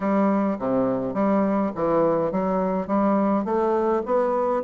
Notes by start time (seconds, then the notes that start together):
0.00 G3
0.58 C3
1.14 G3
1.75 E3
2.31 F#3
2.87 G3
3.45 A3
4.05 B3